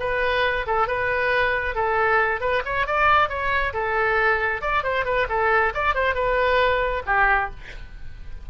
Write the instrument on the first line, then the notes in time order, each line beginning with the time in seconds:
oboe
0.00 B4
0.67 A4
0.88 B4
1.75 A4
2.41 B4
2.65 C#5
2.87 D5
3.29 C#5
3.73 A4
4.61 D5
4.84 C5
5.05 B4
5.29 A4
5.75 D5
5.95 C5
6.15 B4
7.06 G4